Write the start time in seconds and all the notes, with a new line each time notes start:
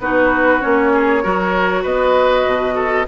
0.00 B3 D#4 F#4 B4
0.61 A#3 C#4 C#5
0.94 G#4
1.23 F#3 F#4 A#4
1.83 B3 B4 D#5
2.46 B2
2.76 A4